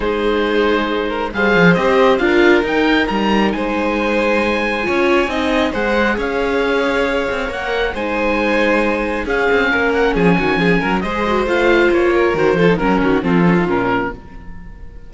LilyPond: <<
  \new Staff \with { instrumentName = "oboe" } { \time 4/4 \tempo 4 = 136 c''2. f''4 | dis''4 f''4 g''4 ais''4 | gis''1~ | gis''4 fis''4 f''2~ |
f''4 fis''4 gis''2~ | gis''4 f''4. fis''8 gis''4~ | gis''4 dis''4 f''4 cis''4 | c''4 ais'4 a'4 ais'4 | }
  \new Staff \with { instrumentName = "violin" } { \time 4/4 gis'2~ gis'8 ais'8 c''4~ | c''4 ais'2. | c''2. cis''4 | dis''4 c''4 cis''2~ |
cis''2 c''2~ | c''4 gis'4 ais'4 gis'8 fis'8 | gis'8 ais'8 c''2~ c''8 ais'8~ | ais'8 a'8 ais'8 fis'8 f'2 | }
  \new Staff \with { instrumentName = "viola" } { \time 4/4 dis'2. gis'4 | g'4 f'4 dis'2~ | dis'2. f'4 | dis'4 gis'2.~ |
gis'4 ais'4 dis'2~ | dis'4 cis'2.~ | cis'4 gis'8 fis'8 f'2 | fis'8 f'16 dis'16 cis'4 c'8 cis'16 dis'16 cis'4 | }
  \new Staff \with { instrumentName = "cello" } { \time 4/4 gis2. g8 f8 | c'4 d'4 dis'4 g4 | gis2. cis'4 | c'4 gis4 cis'2~ |
cis'8 c'8 ais4 gis2~ | gis4 cis'8 c'8 ais4 f8 dis8 | f8 fis8 gis4 a4 ais4 | dis8 f8 fis8 dis8 f4 ais,4 | }
>>